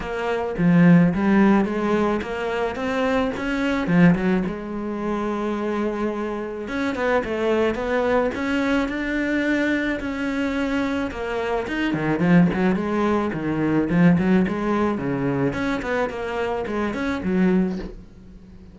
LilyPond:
\new Staff \with { instrumentName = "cello" } { \time 4/4 \tempo 4 = 108 ais4 f4 g4 gis4 | ais4 c'4 cis'4 f8 fis8 | gis1 | cis'8 b8 a4 b4 cis'4 |
d'2 cis'2 | ais4 dis'8 dis8 f8 fis8 gis4 | dis4 f8 fis8 gis4 cis4 | cis'8 b8 ais4 gis8 cis'8 fis4 | }